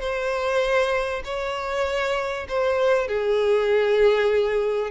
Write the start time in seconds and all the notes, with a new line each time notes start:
0.00 C5
1.24 C#5
2.49 C5
3.08 G#4